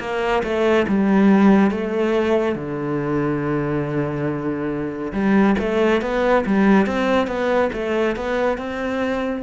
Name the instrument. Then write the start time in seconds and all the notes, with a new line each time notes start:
cello
0.00 A#3
0.43 A3
0.88 G3
1.71 A3
2.55 D3
5.13 G3
5.59 A3
6.02 B3
6.46 G3
6.86 C4
7.27 B3
7.73 A3
8.16 B3
8.57 C4